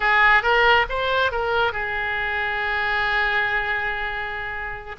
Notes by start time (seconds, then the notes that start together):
0.00 G#4
0.43 A#4
0.89 C5
1.31 A#4
1.72 G#4